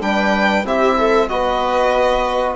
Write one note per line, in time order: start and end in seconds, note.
0.00 0.64 G3
0.00 0.64 D4
0.00 0.66 B4
0.00 0.65 G5
0.64 1.28 C4
0.64 1.29 E4
0.64 0.97 G4
0.64 1.28 E5
0.97 1.29 A4
1.28 2.55 B3
1.28 2.55 F#4
1.28 2.55 B4
1.28 2.55 D#5